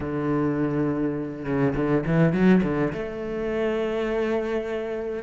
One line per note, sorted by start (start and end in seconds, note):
0.00 1.45 D3
1.45 1.74 C#3
1.75 2.04 D3
2.06 2.32 E3
2.32 2.62 F#3
2.63 2.92 D3
2.93 5.23 A3